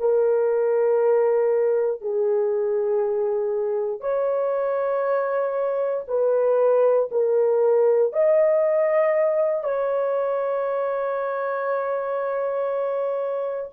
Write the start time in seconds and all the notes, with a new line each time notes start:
0.00 A#4
2.02 G#4
4.01 C#5
6.08 B4
7.11 A#4
8.13 D#5
9.64 C#5